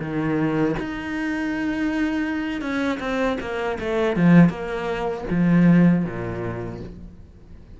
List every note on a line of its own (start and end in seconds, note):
0.00 0.75 D#3
0.79 2.61 D#4
2.61 2.99 C#4
2.99 3.37 C4
3.40 3.78 A#3
3.79 4.16 A3
4.16 4.49 F3
4.49 5.24 A#3
5.30 6.05 F3
6.05 6.80 A#2